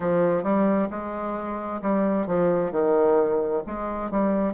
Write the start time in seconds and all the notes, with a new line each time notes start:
0.00 F3
0.43 G3
0.90 G#3
1.81 G3
2.26 F3
2.71 D#3
3.66 G#3
4.10 G3